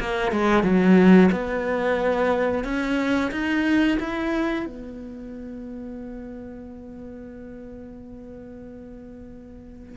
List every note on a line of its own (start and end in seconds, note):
0.00 0.32 A#3
0.32 0.63 G#3
0.63 1.30 F#3
1.32 2.65 B3
2.65 3.31 C#4
3.32 3.98 D#4
4.00 4.66 E4
4.66 9.97 B3